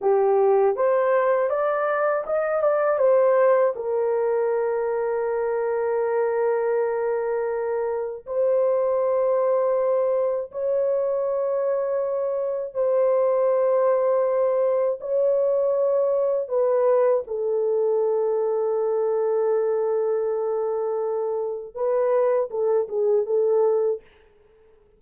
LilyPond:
\new Staff \with { instrumentName = "horn" } { \time 4/4 \tempo 4 = 80 g'4 c''4 d''4 dis''8 d''8 | c''4 ais'2.~ | ais'2. c''4~ | c''2 cis''2~ |
cis''4 c''2. | cis''2 b'4 a'4~ | a'1~ | a'4 b'4 a'8 gis'8 a'4 | }